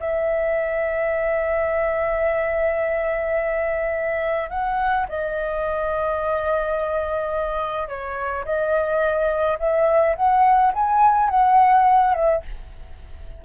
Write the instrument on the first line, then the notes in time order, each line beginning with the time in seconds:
flute
0.00 E5
4.50 F#5
5.09 D#5
7.88 C#5
8.45 D#5
9.59 E5
10.16 F#5
10.73 G#5
11.29 F#5
12.14 E5